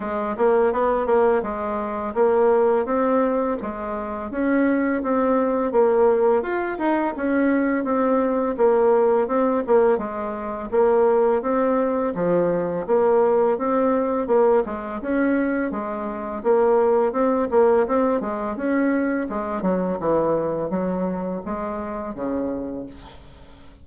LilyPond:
\new Staff \with { instrumentName = "bassoon" } { \time 4/4 \tempo 4 = 84 gis8 ais8 b8 ais8 gis4 ais4 | c'4 gis4 cis'4 c'4 | ais4 f'8 dis'8 cis'4 c'4 | ais4 c'8 ais8 gis4 ais4 |
c'4 f4 ais4 c'4 | ais8 gis8 cis'4 gis4 ais4 | c'8 ais8 c'8 gis8 cis'4 gis8 fis8 | e4 fis4 gis4 cis4 | }